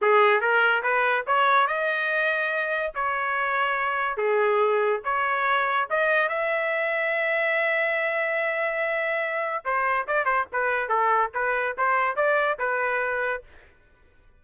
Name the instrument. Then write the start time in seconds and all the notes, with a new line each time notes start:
trumpet
0.01 G#4
0.40 A#4
0.82 B4
1.26 C#5
1.67 D#5
2.94 C#5
4.17 G#4
5.04 C#5
5.90 D#5
6.28 E5
9.64 C5
10.07 D5
10.25 C5
10.52 B4
10.88 A4
11.34 B4
11.77 C5
12.16 D5
12.58 B4